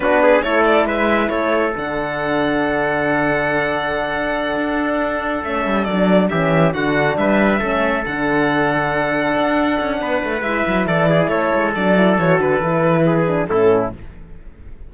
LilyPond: <<
  \new Staff \with { instrumentName = "violin" } { \time 4/4 \tempo 4 = 138 b'4 cis''8 d''8 e''4 cis''4 | fis''1~ | fis''1~ | fis''8 e''4 d''4 e''4 fis''8~ |
fis''8 e''2 fis''4.~ | fis''1 | e''4 d''4 cis''4 d''4 | cis''8 b'2~ b'8 a'4 | }
  \new Staff \with { instrumentName = "trumpet" } { \time 4/4 fis'8 gis'8 a'4 b'4 a'4~ | a'1~ | a'1~ | a'2~ a'8 g'4 fis'8~ |
fis'8 b'4 a'2~ a'8~ | a'2. b'4~ | b'4 a'8 gis'8 a'2~ | a'2 gis'4 e'4 | }
  \new Staff \with { instrumentName = "horn" } { \time 4/4 d'4 e'2. | d'1~ | d'1~ | d'8 cis'4 d'4 cis'4 d'8~ |
d'4. cis'4 d'4.~ | d'1 | e'2. d'8 e'8 | fis'4 e'4. d'8 cis'4 | }
  \new Staff \with { instrumentName = "cello" } { \time 4/4 b4 a4 gis4 a4 | d1~ | d2~ d8 d'4.~ | d'8 a8 g8 fis4 e4 d8~ |
d8 g4 a4 d4.~ | d4. d'4 cis'8 b8 a8 | gis8 fis8 e4 a8 gis8 fis4 | e8 d8 e2 a,4 | }
>>